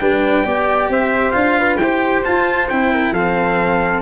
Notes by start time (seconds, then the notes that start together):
0.00 G3 D4 B4 G5
0.44 B3 G4 D5
0.89 C4 C5 E5
1.32 D4 F4 F5
1.59 B4
1.77 E4 C5 G5
1.83 G4
2.24 F4 A5
2.69 C4 E4 G5
2.93 A#4
3.12 F3 C4 A4 F5